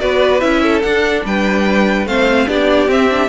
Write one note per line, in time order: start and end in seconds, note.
0.00 0.42 B3
0.00 0.40 F#4
0.00 0.62 B4
0.00 0.40 D5
0.40 0.83 C#4
0.40 0.82 E4
0.40 0.82 E5
0.62 1.24 A4
0.82 1.25 D4
0.82 2.07 D4
0.82 1.23 F#5
1.25 2.06 G3
1.25 2.08 B4
1.25 2.07 G5
2.06 2.47 A3
2.06 2.47 C4
2.06 2.48 C5
2.06 2.48 F5
2.47 2.88 B3
2.47 2.88 D4
2.47 3.29 G4
2.47 2.89 D5
2.88 3.09 C4
2.88 3.29 C4
2.88 3.29 E5
3.10 3.29 D4